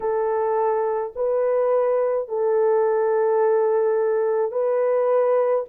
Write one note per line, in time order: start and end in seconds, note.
0.00 1.13 A4
1.15 2.28 B4
2.28 4.51 A4
4.51 5.64 B4